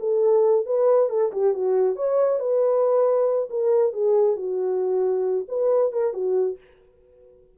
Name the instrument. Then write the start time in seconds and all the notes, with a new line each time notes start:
horn
0.00 A4
0.66 B4
1.09 A4
1.32 G4
1.54 F#4
1.96 C#5
2.40 B4
3.50 A#4
3.93 G#4
4.36 F#4
5.48 B4
5.92 A#4
6.14 F#4